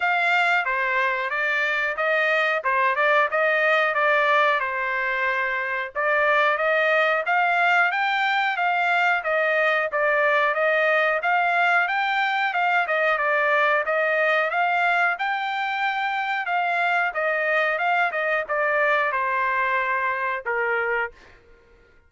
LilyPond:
\new Staff \with { instrumentName = "trumpet" } { \time 4/4 \tempo 4 = 91 f''4 c''4 d''4 dis''4 | c''8 d''8 dis''4 d''4 c''4~ | c''4 d''4 dis''4 f''4 | g''4 f''4 dis''4 d''4 |
dis''4 f''4 g''4 f''8 dis''8 | d''4 dis''4 f''4 g''4~ | g''4 f''4 dis''4 f''8 dis''8 | d''4 c''2 ais'4 | }